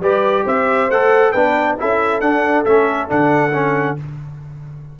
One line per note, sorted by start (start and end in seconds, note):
0.00 0.44 G3
0.00 0.90 G4
0.00 0.45 B4
0.00 0.47 D5
0.45 0.90 C4
0.45 1.32 C5
0.45 0.91 E5
0.90 1.33 A3
0.90 1.35 A4
0.90 1.32 F#5
1.32 1.79 B3
1.32 1.78 D4
1.32 1.76 B4
1.32 1.76 G5
1.78 2.21 C#4
1.78 2.22 E4
1.78 3.99 A4
1.78 2.21 E5
2.21 2.65 D4
2.21 2.66 D4
2.21 2.65 F#5
2.65 3.10 A3
2.65 3.08 C#4
2.65 3.09 E5
3.08 3.99 D3
3.08 3.52 D4
3.08 3.98 F#5
3.53 3.97 C#4